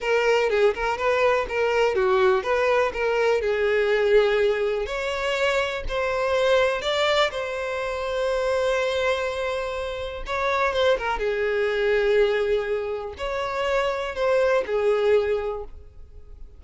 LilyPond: \new Staff \with { instrumentName = "violin" } { \time 4/4 \tempo 4 = 123 ais'4 gis'8 ais'8 b'4 ais'4 | fis'4 b'4 ais'4 gis'4~ | gis'2 cis''2 | c''2 d''4 c''4~ |
c''1~ | c''4 cis''4 c''8 ais'8 gis'4~ | gis'2. cis''4~ | cis''4 c''4 gis'2 | }